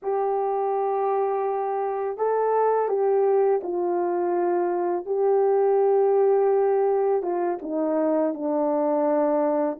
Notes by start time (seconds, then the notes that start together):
0.02 G4
2.17 A4
2.88 G4
3.63 F4
5.05 G4
7.22 F4
7.61 D#4
8.34 D4